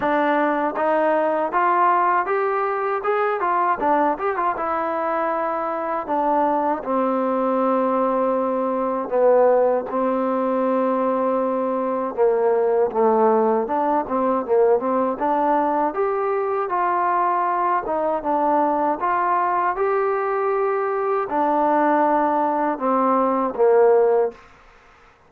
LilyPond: \new Staff \with { instrumentName = "trombone" } { \time 4/4 \tempo 4 = 79 d'4 dis'4 f'4 g'4 | gis'8 f'8 d'8 g'16 f'16 e'2 | d'4 c'2. | b4 c'2. |
ais4 a4 d'8 c'8 ais8 c'8 | d'4 g'4 f'4. dis'8 | d'4 f'4 g'2 | d'2 c'4 ais4 | }